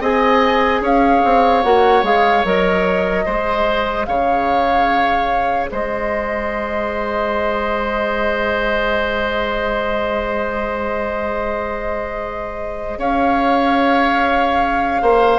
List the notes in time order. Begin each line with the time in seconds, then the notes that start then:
0.00 C4 G#4 D#5 G#5
0.81 C#4 C#5 F5
1.24 C4
1.63 A#3 F#4 F#5
2.03 G#3 G#4 F5
2.44 F#3 A#4 D#5
3.25 G#3 G#4 C5
4.04 C#3 C#5 F5
5.71 G#3 C5 D#5
12.97 C#4 C#5 F5
15.01 A#3 C5